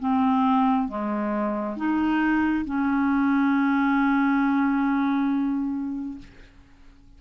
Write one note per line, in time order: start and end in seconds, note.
0.00 0.88 C4
0.88 1.76 G#3
1.76 2.65 D#4
2.66 6.18 C#4